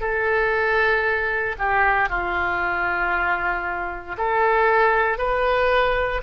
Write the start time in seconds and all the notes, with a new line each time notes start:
0.00 A4
1.58 G4
2.09 F4
4.17 A4
5.18 B4